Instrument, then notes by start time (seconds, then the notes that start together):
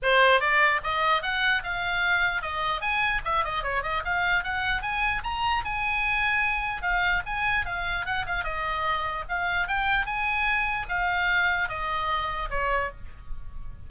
oboe
0.02 C5
0.40 D5
0.83 D#5
1.22 F#5
1.63 F5
2.42 D#5
2.81 G#5
3.24 E5
3.44 D#5
3.63 C#5
3.82 D#5
4.05 F5
4.43 F#5
4.82 G#5
5.23 A#5
5.64 G#5
6.82 F5
7.25 G#5
7.65 F5
8.05 F#5
8.26 F5
8.44 D#5
9.29 F5
9.67 G5
10.05 G#5
10.88 F5
11.68 D#5
12.50 C#5